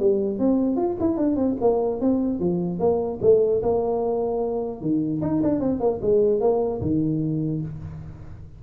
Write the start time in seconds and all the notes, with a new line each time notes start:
0.00 G3
0.39 C4
0.77 F4
1.00 E4
1.18 D4
1.36 C4
1.61 A#3
2.01 C4
2.40 F3
2.79 A#3
3.22 A3
3.63 A#3
4.81 D#3
5.22 D#4
5.43 D4
5.60 C4
5.80 A#3
6.02 G#3
6.41 A#3
6.81 D#3